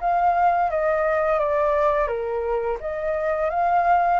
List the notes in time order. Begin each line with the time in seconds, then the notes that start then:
0.00 F5
0.70 D#5
1.39 D5
2.07 A#4
2.80 D#5
3.50 F5